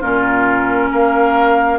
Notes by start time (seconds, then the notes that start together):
0.00 A#2 C#4 F4 A#4
0.92 A#3 A#4 F5